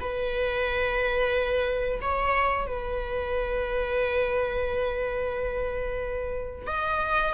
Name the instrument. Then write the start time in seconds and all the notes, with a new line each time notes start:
viola
0.00 B4
2.02 C#5
2.67 B4
6.67 D#5